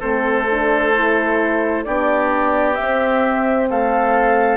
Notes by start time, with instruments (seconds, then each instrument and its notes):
0.00 bassoon A3, horn C4, oboe A4, flute C5
0.50 horn D4
0.94 horn E4
1.85 bassoon B3, horn D4, oboe G4, flute D5
2.75 horn C4, bassoon C4, flute E5
3.70 bassoon A3, oboe A4, flute F5